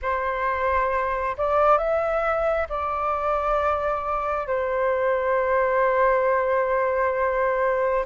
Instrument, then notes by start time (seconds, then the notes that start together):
flute
0.02 C5
1.37 D5
1.78 E5
2.69 D5
4.47 C5